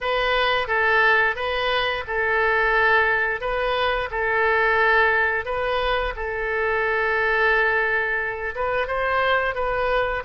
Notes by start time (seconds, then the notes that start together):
0.00 B4
0.67 A4
1.35 B4
2.07 A4
3.41 B4
4.11 A4
5.45 B4
6.16 A4
8.55 B4
8.87 C5
9.55 B4